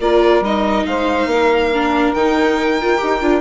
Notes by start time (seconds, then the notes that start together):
0.00 A#3 F4 A#4 D5
0.41 G3 D#4 D#5
0.86 G#3 C5 F5
1.26 A#3 A#4
1.74 D4
2.14 D#3 D#4 G5
2.81 F4
2.98 D#4 G4
3.22 D4 F4